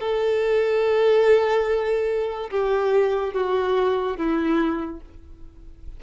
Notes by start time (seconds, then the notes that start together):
0.00 A4
2.51 G4
3.34 F#4
4.17 E4